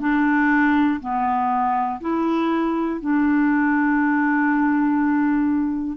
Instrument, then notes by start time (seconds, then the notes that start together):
clarinet
0.00 D4
1.00 B3
2.01 E4
3.01 D4